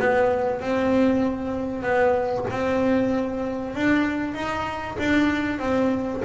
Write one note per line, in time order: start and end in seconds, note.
0.00 0.61 B3
0.61 1.83 C4
1.83 2.45 B3
2.50 3.75 C4
3.75 4.34 D4
4.34 4.97 D#4
4.99 5.59 D4
5.59 6.21 C4